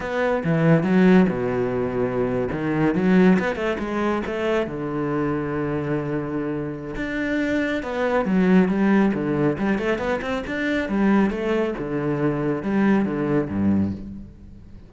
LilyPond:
\new Staff \with { instrumentName = "cello" } { \time 4/4 \tempo 4 = 138 b4 e4 fis4 b,4~ | b,4.~ b,16 dis4 fis4 b16~ | b16 a8 gis4 a4 d4~ d16~ | d1 |
d'2 b4 fis4 | g4 d4 g8 a8 b8 c'8 | d'4 g4 a4 d4~ | d4 g4 d4 g,4 | }